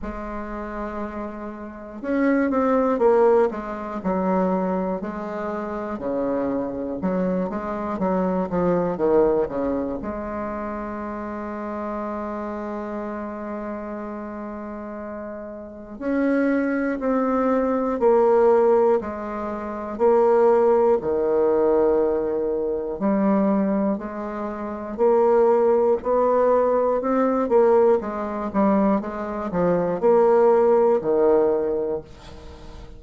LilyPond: \new Staff \with { instrumentName = "bassoon" } { \time 4/4 \tempo 4 = 60 gis2 cis'8 c'8 ais8 gis8 | fis4 gis4 cis4 fis8 gis8 | fis8 f8 dis8 cis8 gis2~ | gis1 |
cis'4 c'4 ais4 gis4 | ais4 dis2 g4 | gis4 ais4 b4 c'8 ais8 | gis8 g8 gis8 f8 ais4 dis4 | }